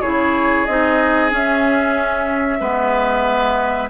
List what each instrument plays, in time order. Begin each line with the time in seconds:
0.00 bassoon C#3, clarinet E4, oboe G#4, flute C#5
0.65 bassoon C4, clarinet D#4, flute D#5
1.30 clarinet C#4, bassoon C#4, flute E5
2.59 bassoon G#3, clarinet B3, oboe B4